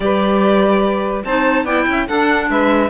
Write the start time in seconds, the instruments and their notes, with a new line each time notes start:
0.00 cello G3, clarinet G4, saxophone B4, violin D5
1.24 cello C4, clarinet D#4, saxophone C5, violin A5
1.64 cello B3, clarinet E4, saxophone D5, violin G5
1.87 cello C#4, saxophone E5
2.06 clarinet D4, cello D4, saxophone A4, violin F#5
2.49 cello G#3, saxophone B4, violin E5